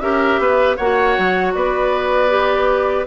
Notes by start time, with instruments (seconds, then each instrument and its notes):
0.00 bassoon C#4, clarinet G4, oboe A#4, flute E5
0.39 bassoon B3, oboe B4
0.77 bassoon A#3, clarinet F#4, oboe C#5, flute F#5
1.18 bassoon F#3
1.54 bassoon B3, oboe B4, flute D5
2.29 clarinet G4